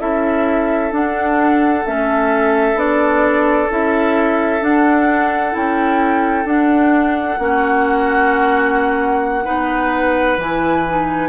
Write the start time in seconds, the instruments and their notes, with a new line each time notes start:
0.00 bassoon C#4, clarinet E4, oboe A4, flute E5
0.91 clarinet D4, bassoon D4, flute F#5
1.86 bassoon A3, clarinet C#4, flute E5
2.75 bassoon B3, clarinet D4, flute D5
3.70 bassoon C#4, clarinet E4, flute E5
4.60 clarinet D4, bassoon D4, flute F#5
5.52 bassoon C#4, clarinet E4, flute G5
6.45 bassoon D4, clarinet D4, flute F#5
7.38 bassoon A#3, clarinet C#4, oboe F#4
9.44 bassoon B3, clarinet D#4, oboe B4
10.37 bassoon E3, clarinet E4, flute G#5
10.88 clarinet D#4